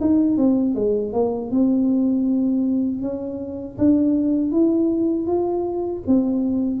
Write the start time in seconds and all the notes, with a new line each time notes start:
0.00 D#4
0.37 C4
0.75 G#3
1.13 A#3
1.51 C4
3.01 C#4
3.77 D4
4.51 E4
5.26 F4
6.07 C4